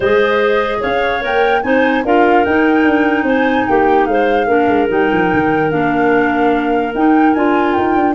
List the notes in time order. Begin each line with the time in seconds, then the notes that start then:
0.00 G#3 G#4 C5 D#5
0.80 C#4 C#5 F5
1.21 A#3 A#4 G5
1.63 C4 D#4 C5 G#5
2.04 D4 F4 A#4 F5
2.45 D#4 G5
2.84 D4
3.23 C4 C5 G#5
3.67 A#3 G4 G5
4.05 G#3 C5 F5
4.46 A#3 D4 A#4
4.67 G#3
4.88 G3 D#4 G5
5.12 F3
5.33 D#3
5.69 A#3 D4 F5
6.94 D#4 G5
7.33 D4 F4 G#5
7.73 D#4 G5
7.95 D4